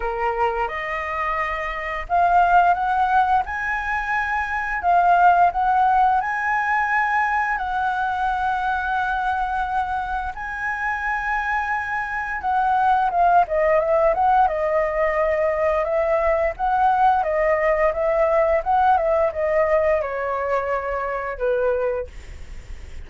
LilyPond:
\new Staff \with { instrumentName = "flute" } { \time 4/4 \tempo 4 = 87 ais'4 dis''2 f''4 | fis''4 gis''2 f''4 | fis''4 gis''2 fis''4~ | fis''2. gis''4~ |
gis''2 fis''4 f''8 dis''8 | e''8 fis''8 dis''2 e''4 | fis''4 dis''4 e''4 fis''8 e''8 | dis''4 cis''2 b'4 | }